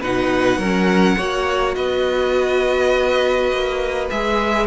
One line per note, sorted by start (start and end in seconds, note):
0.00 0.57 B2
0.00 0.61 D#4
0.00 0.58 B4
0.00 1.74 F#5
0.57 1.16 F#3
0.57 1.19 C#4
0.57 1.16 A#4
1.17 1.76 A#3
1.17 4.10 F#4
1.17 1.75 C#5
1.74 3.51 B3
1.74 4.66 B4
1.74 4.07 D#5
3.51 4.09 A#3
4.10 4.66 G#3
4.10 4.66 G#4
4.10 4.66 E5